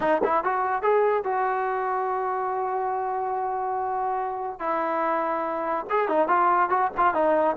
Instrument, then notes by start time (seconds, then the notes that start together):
trombone
0.00 D#4
0.24 E4
0.44 F#4
0.82 G#4
1.24 F#4
4.59 E4
5.90 G#4
6.08 D#4
6.28 F4
6.69 F#4
6.97 F4
7.14 D#4